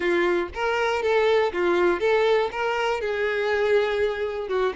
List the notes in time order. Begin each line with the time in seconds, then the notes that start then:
0.00 F4
0.54 A#4
1.02 A4
1.52 F4
2.00 A4
2.51 A#4
3.00 G#4
4.48 F#4